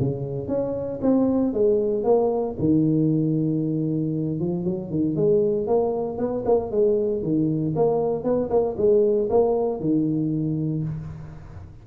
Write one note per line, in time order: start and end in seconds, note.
0.00 0.48 C#3
0.48 1.00 C#4
1.02 1.54 C4
1.54 2.04 G#3
2.04 2.56 A#3
2.59 4.40 D#3
4.40 4.65 F3
4.65 4.90 F#3
4.90 5.16 D#3
5.16 5.68 G#3
5.68 6.18 A#3
6.18 6.44 B3
6.46 6.71 A#3
6.71 7.23 G#3
7.23 7.75 D#3
7.76 8.24 A#3
8.24 8.50 B3
8.50 8.76 A#3
8.78 9.30 G#3
9.30 9.81 A#3
9.81 10.84 D#3